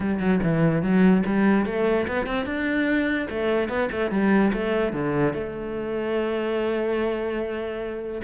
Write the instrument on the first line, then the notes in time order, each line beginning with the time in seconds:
cello
0.00 G3
0.19 F#3
0.42 E3
0.82 F#3
1.25 G3
1.65 A3
2.07 B3
2.26 C4
2.45 D4
3.29 A3
3.68 B3
3.91 A3
4.10 G3
4.53 A3
4.92 D3
5.33 A3